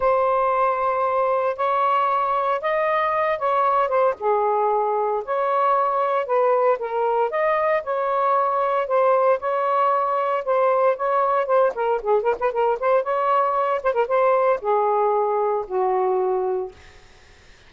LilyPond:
\new Staff \with { instrumentName = "saxophone" } { \time 4/4 \tempo 4 = 115 c''2. cis''4~ | cis''4 dis''4. cis''4 c''8 | gis'2 cis''2 | b'4 ais'4 dis''4 cis''4~ |
cis''4 c''4 cis''2 | c''4 cis''4 c''8 ais'8 gis'8 ais'16 b'16 | ais'8 c''8 cis''4. c''16 ais'16 c''4 | gis'2 fis'2 | }